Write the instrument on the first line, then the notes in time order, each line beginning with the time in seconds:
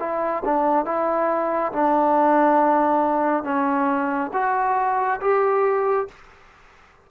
trombone
0.00 E4
0.45 D4
0.86 E4
1.73 D4
3.44 C#4
4.34 F#4
5.21 G4